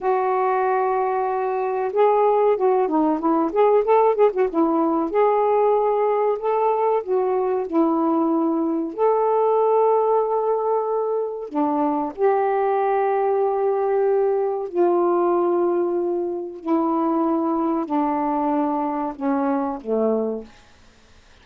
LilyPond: \new Staff \with { instrumentName = "saxophone" } { \time 4/4 \tempo 4 = 94 fis'2. gis'4 | fis'8 dis'8 e'8 gis'8 a'8 gis'16 fis'16 e'4 | gis'2 a'4 fis'4 | e'2 a'2~ |
a'2 d'4 g'4~ | g'2. f'4~ | f'2 e'2 | d'2 cis'4 a4 | }